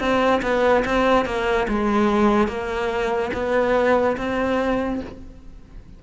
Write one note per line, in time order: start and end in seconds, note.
0.00 0.42 C4
0.42 0.84 B3
0.86 1.25 C4
1.25 1.67 A#3
1.69 2.48 G#3
2.48 3.31 A#3
3.34 4.17 B3
4.17 5.01 C4